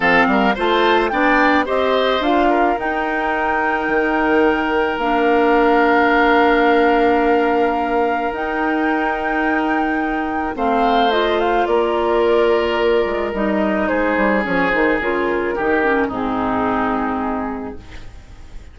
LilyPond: <<
  \new Staff \with { instrumentName = "flute" } { \time 4/4 \tempo 4 = 108 f''4 a''4 g''4 dis''4 | f''4 g''2.~ | g''4 f''2.~ | f''2. g''4~ |
g''2. f''4 | dis''8 f''8 d''2. | dis''4 c''4 cis''8 c''8 ais'4~ | ais'4 gis'2. | }
  \new Staff \with { instrumentName = "oboe" } { \time 4/4 a'8 ais'8 c''4 d''4 c''4~ | c''8 ais'2.~ ais'8~ | ais'1~ | ais'1~ |
ais'2. c''4~ | c''4 ais'2.~ | ais'4 gis'2. | g'4 dis'2. | }
  \new Staff \with { instrumentName = "clarinet" } { \time 4/4 c'4 f'4 d'4 g'4 | f'4 dis'2.~ | dis'4 d'2.~ | d'2. dis'4~ |
dis'2. c'4 | f'1 | dis'2 cis'8 dis'8 f'4 | dis'8 cis'8 c'2. | }
  \new Staff \with { instrumentName = "bassoon" } { \time 4/4 f8 g8 a4 b4 c'4 | d'4 dis'2 dis4~ | dis4 ais2.~ | ais2. dis'4~ |
dis'2. a4~ | a4 ais2~ ais8 gis8 | g4 gis8 g8 f8 dis8 cis4 | dis4 gis,2. | }
>>